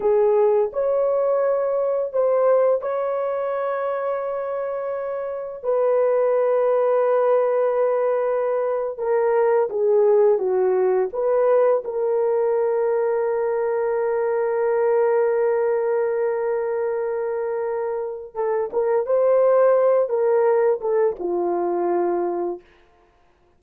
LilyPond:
\new Staff \with { instrumentName = "horn" } { \time 4/4 \tempo 4 = 85 gis'4 cis''2 c''4 | cis''1 | b'1~ | b'8. ais'4 gis'4 fis'4 b'16~ |
b'8. ais'2.~ ais'16~ | ais'1~ | ais'2 a'8 ais'8 c''4~ | c''8 ais'4 a'8 f'2 | }